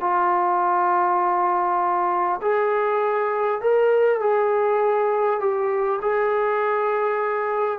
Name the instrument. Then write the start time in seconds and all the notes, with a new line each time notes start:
trombone
0.00 F4
2.41 G#4
3.61 A#4
4.19 G#4
5.40 G4
6.01 G#4